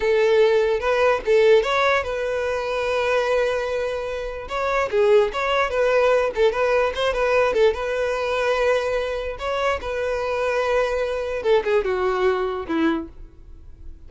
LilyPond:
\new Staff \with { instrumentName = "violin" } { \time 4/4 \tempo 4 = 147 a'2 b'4 a'4 | cis''4 b'2.~ | b'2. cis''4 | gis'4 cis''4 b'4. a'8 |
b'4 c''8 b'4 a'8 b'4~ | b'2. cis''4 | b'1 | a'8 gis'8 fis'2 e'4 | }